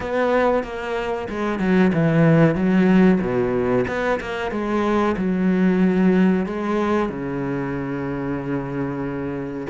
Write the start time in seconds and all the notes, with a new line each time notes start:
0.00 B3
0.63 A#3
1.29 G#3
1.59 F#3
1.93 E3
2.55 F#3
3.21 B2
3.87 B3
4.20 A#3
4.51 G#3
5.17 F#3
6.45 G#3
7.09 C#3